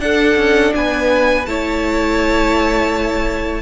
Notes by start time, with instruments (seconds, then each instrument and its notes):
0.00 cello D4, viola D4, violin A4 F#5
0.37 cello C#4
0.75 cello B3, violin B4 G#5
1.46 cello A3, viola E4, violin C#5 A5